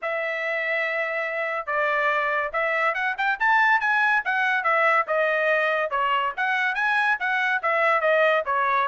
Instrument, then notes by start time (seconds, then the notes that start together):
trumpet
0.02 E5
1.66 D5
2.52 E5
2.94 F#5
3.17 G5
3.39 A5
3.80 G#5
4.25 F#5
4.63 E5
5.07 D#5
5.90 C#5
6.36 F#5
6.75 G#5
7.19 F#5
7.62 E5
8.01 D#5
8.45 C#5